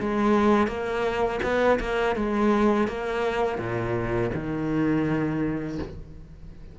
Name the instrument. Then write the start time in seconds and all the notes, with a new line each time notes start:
cello
0.00 G#3
0.67 A#3
1.43 B3
1.79 A#3
2.16 G#3
2.88 A#3
3.58 A#2
4.34 D#3